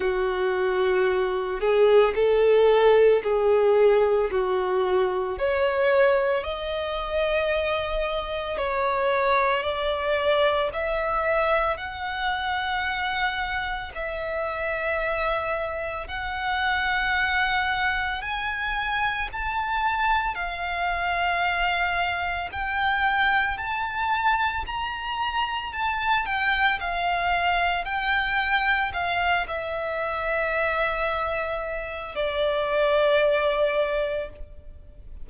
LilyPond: \new Staff \with { instrumentName = "violin" } { \time 4/4 \tempo 4 = 56 fis'4. gis'8 a'4 gis'4 | fis'4 cis''4 dis''2 | cis''4 d''4 e''4 fis''4~ | fis''4 e''2 fis''4~ |
fis''4 gis''4 a''4 f''4~ | f''4 g''4 a''4 ais''4 | a''8 g''8 f''4 g''4 f''8 e''8~ | e''2 d''2 | }